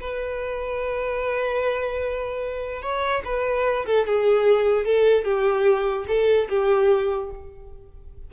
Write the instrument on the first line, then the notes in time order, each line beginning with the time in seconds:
violin
0.00 B4
2.82 C#5
3.25 B4
3.86 A4
4.06 G#4
4.85 A4
5.24 G4
6.07 A4
6.49 G4